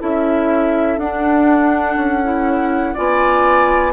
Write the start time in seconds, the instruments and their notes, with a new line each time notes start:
0.00 bassoon C#4, clarinet E4, oboe A4, flute E5
0.98 bassoon D4, clarinet D4, flute F#5
1.97 bassoon C#4
2.24 clarinet E4
2.94 bassoon B3, clarinet F4, oboe D5, flute G#5